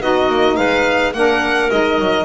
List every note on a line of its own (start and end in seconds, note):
0.00 0.29 B3
0.00 1.13 D#4
0.00 0.56 F#4
0.00 0.56 D#5
0.29 0.57 A#3
0.56 1.13 G#3
0.56 1.13 B4
0.56 1.12 F5
1.13 1.70 A#3
1.13 1.70 D4
1.13 2.24 A#4
1.13 1.70 F#5
1.70 1.98 G#3
1.70 2.24 D#4
1.70 2.24 D#5
1.98 2.24 F#3